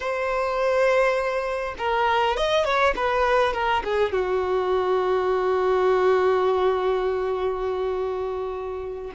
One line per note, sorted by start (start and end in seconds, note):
0.00 1.74 C5
1.78 2.37 A#4
2.37 2.64 D#5
2.64 2.94 C#5
2.95 3.53 B4
3.53 3.82 A#4
3.84 4.12 G#4
4.12 9.12 F#4